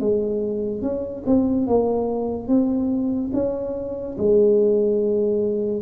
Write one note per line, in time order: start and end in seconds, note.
0.00 0.82 G#3
0.82 1.23 C#4
1.26 1.67 C4
1.67 2.48 A#3
2.48 3.31 C4
3.33 4.17 C#4
4.17 5.82 G#3